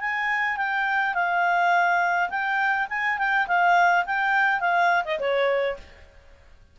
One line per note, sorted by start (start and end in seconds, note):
0.00 0.57 G#5
0.57 1.14 G5
1.14 2.29 F5
2.30 2.87 G5
2.90 3.18 G#5
3.18 3.47 G5
3.47 4.05 F5
4.06 4.60 G5
4.60 5.03 F5
5.05 5.19 D#5
5.19 5.77 C#5